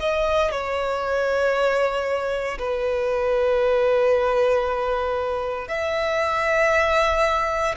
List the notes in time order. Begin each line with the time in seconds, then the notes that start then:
0.00 D#5
0.51 C#5
2.59 B4
5.68 E5